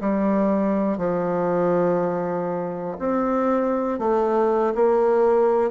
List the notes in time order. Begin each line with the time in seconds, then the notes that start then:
0.00 G3
0.97 F3
2.99 C4
3.99 A3
4.74 A#3